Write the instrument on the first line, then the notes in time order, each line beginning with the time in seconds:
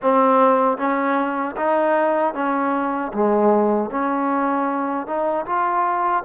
trombone
0.02 C4
0.77 C#4
1.56 D#4
2.34 C#4
3.13 G#3
3.90 C#4
5.06 D#4
5.45 F4